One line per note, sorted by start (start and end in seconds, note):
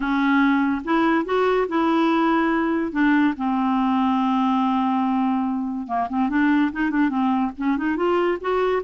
0.00 0.82 C#4
0.84 1.25 E4
1.25 1.67 F#4
1.68 2.92 E4
2.92 3.34 D4
3.37 5.87 C4
5.87 6.08 A#3
6.09 6.29 C4
6.29 6.71 D4
6.72 6.90 D#4
6.90 7.09 D4
7.09 7.51 C4
7.57 7.77 C#4
7.77 7.96 D#4
7.96 8.38 F4
8.40 8.82 F#4